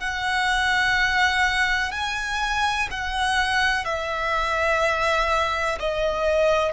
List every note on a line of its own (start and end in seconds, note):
0.00 1.92 F#5
1.92 2.89 G#5
2.91 3.85 F#5
3.85 5.78 E5
5.80 6.73 D#5